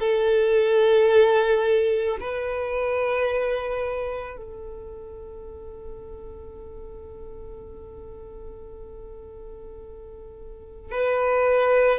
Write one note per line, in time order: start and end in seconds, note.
0.00 2.18 A4
2.21 4.37 B4
4.37 10.92 A4
10.92 12.00 B4